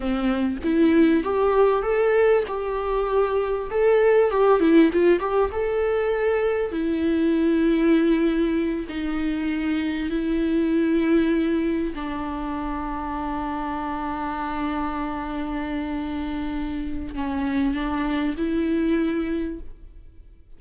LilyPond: \new Staff \with { instrumentName = "viola" } { \time 4/4 \tempo 4 = 98 c'4 e'4 g'4 a'4 | g'2 a'4 g'8 e'8 | f'8 g'8 a'2 e'4~ | e'2~ e'8 dis'4.~ |
dis'8 e'2. d'8~ | d'1~ | d'1 | cis'4 d'4 e'2 | }